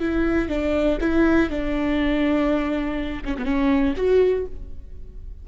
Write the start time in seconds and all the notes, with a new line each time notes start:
0.00 E4
0.49 D4
1.01 E4
1.50 D4
3.25 C#4
3.38 B3
3.45 C#4
3.96 F#4